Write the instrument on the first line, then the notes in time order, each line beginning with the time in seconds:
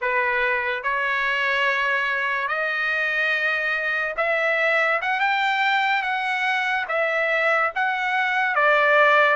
trumpet
0.01 B4
0.83 C#5
2.48 D#5
4.17 E5
5.01 F#5
5.19 G5
6.02 F#5
6.88 E5
7.75 F#5
8.55 D5